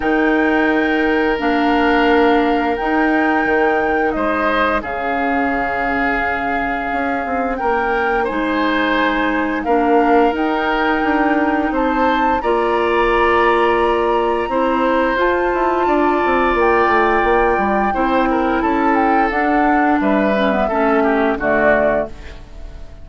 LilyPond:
<<
  \new Staff \with { instrumentName = "flute" } { \time 4/4 \tempo 4 = 87 g''2 f''2 | g''2 dis''4 f''4~ | f''2. g''4 | gis''2 f''4 g''4~ |
g''4 a''4 ais''2~ | ais''2 a''2 | g''2. a''8 g''8 | fis''4 e''2 d''4 | }
  \new Staff \with { instrumentName = "oboe" } { \time 4/4 ais'1~ | ais'2 c''4 gis'4~ | gis'2. ais'4 | c''2 ais'2~ |
ais'4 c''4 d''2~ | d''4 c''2 d''4~ | d''2 c''8 ais'8 a'4~ | a'4 b'4 a'8 g'8 fis'4 | }
  \new Staff \with { instrumentName = "clarinet" } { \time 4/4 dis'2 d'2 | dis'2. cis'4~ | cis'1 | dis'2 d'4 dis'4~ |
dis'2 f'2~ | f'4 e'4 f'2~ | f'2 e'2 | d'4. cis'16 b16 cis'4 a4 | }
  \new Staff \with { instrumentName = "bassoon" } { \time 4/4 dis2 ais2 | dis'4 dis4 gis4 cis4~ | cis2 cis'8 c'8 ais4 | gis2 ais4 dis'4 |
d'4 c'4 ais2~ | ais4 c'4 f'8 e'8 d'8 c'8 | ais8 a8 ais8 g8 c'4 cis'4 | d'4 g4 a4 d4 | }
>>